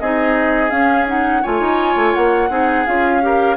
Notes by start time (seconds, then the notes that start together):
0.00 C4 D#4 G#4 D#5
0.71 C#4 F5
1.07 D#4 F#5
1.43 A3 F4 C#5 G#5
1.60 D#4
1.96 A3
2.15 A#3 F#5
2.50 C4 D#4 G#4
2.86 C#4 F4 F5
3.22 G4 A#4